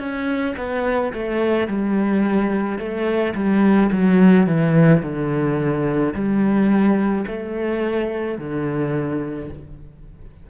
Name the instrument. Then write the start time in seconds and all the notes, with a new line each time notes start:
cello
0.00 C#4
0.58 B3
1.14 A3
1.68 G3
2.79 A3
3.35 G3
3.92 F#3
4.47 E3
5.03 D3
6.15 G3
7.28 A3
8.39 D3